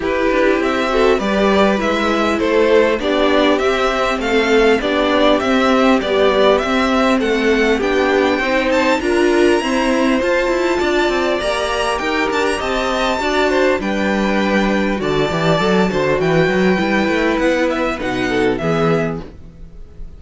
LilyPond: <<
  \new Staff \with { instrumentName = "violin" } { \time 4/4 \tempo 4 = 100 b'4 e''4 d''4 e''4 | c''4 d''4 e''4 f''4 | d''4 e''4 d''4 e''4 | fis''4 g''4. a''8 ais''4~ |
ais''4 a''2 ais''4 | g''8 a''16 ais''16 a''2 g''4~ | g''4 a''2 g''4~ | g''4 fis''8 e''8 fis''4 e''4 | }
  \new Staff \with { instrumentName = "violin" } { \time 4/4 g'4. a'8 b'2 | a'4 g'2 a'4 | g'1 | a'4 g'4 c''4 ais'4 |
c''2 d''2 | ais'4 dis''4 d''8 c''8 b'4~ | b'4 d''4. c''8 b'4~ | b'2~ b'8 a'8 gis'4 | }
  \new Staff \with { instrumentName = "viola" } { \time 4/4 e'4. fis'8 g'4 e'4~ | e'4 d'4 c'2 | d'4 c'4 g4 c'4~ | c'4 d'4 dis'4 f'4 |
c'4 f'2 g'4~ | g'2 fis'4 d'4~ | d'4 fis'8 g'8 a'8 fis'4. | e'2 dis'4 b4 | }
  \new Staff \with { instrumentName = "cello" } { \time 4/4 e'8 d'8 c'4 g4 gis4 | a4 b4 c'4 a4 | b4 c'4 b4 c'4 | a4 b4 c'4 d'4 |
e'4 f'8 e'8 d'8 c'8 ais4 | dis'8 d'8 c'4 d'4 g4~ | g4 d8 e8 fis8 d8 e8 fis8 | g8 a8 b4 b,4 e4 | }
>>